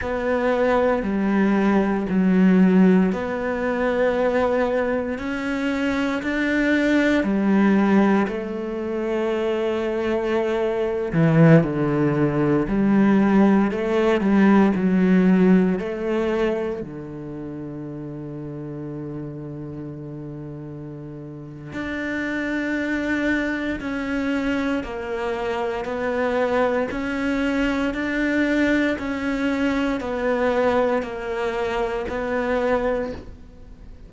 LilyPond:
\new Staff \with { instrumentName = "cello" } { \time 4/4 \tempo 4 = 58 b4 g4 fis4 b4~ | b4 cis'4 d'4 g4 | a2~ a8. e8 d8.~ | d16 g4 a8 g8 fis4 a8.~ |
a16 d2.~ d8.~ | d4 d'2 cis'4 | ais4 b4 cis'4 d'4 | cis'4 b4 ais4 b4 | }